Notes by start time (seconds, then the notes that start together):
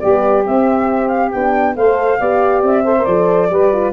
0.00 G3 B3 G4 D5
0.44 C4 E5
1.08 F5
1.32 B3 D4 G5
1.76 A3 A4 C5 F5
2.19 B3 G4 D5
2.63 C4 E5
2.84 A4 C5
2.99 A#4 D5
3.07 F3 A4
3.50 G3 G4 B4
3.73 F4